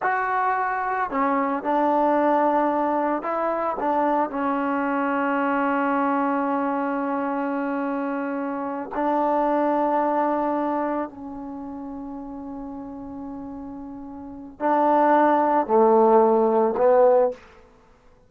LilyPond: \new Staff \with { instrumentName = "trombone" } { \time 4/4 \tempo 4 = 111 fis'2 cis'4 d'4~ | d'2 e'4 d'4 | cis'1~ | cis'1~ |
cis'8 d'2.~ d'8~ | d'8 cis'2.~ cis'8~ | cis'2. d'4~ | d'4 a2 b4 | }